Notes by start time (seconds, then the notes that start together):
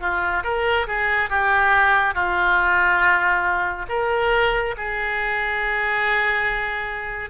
0.00 F4
0.43 A#4
0.87 G#4
1.29 G4
2.14 F4
3.88 A#4
4.77 G#4